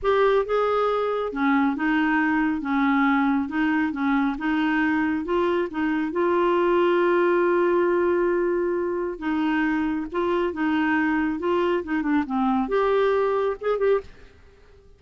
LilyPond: \new Staff \with { instrumentName = "clarinet" } { \time 4/4 \tempo 4 = 137 g'4 gis'2 cis'4 | dis'2 cis'2 | dis'4 cis'4 dis'2 | f'4 dis'4 f'2~ |
f'1~ | f'4 dis'2 f'4 | dis'2 f'4 dis'8 d'8 | c'4 g'2 gis'8 g'8 | }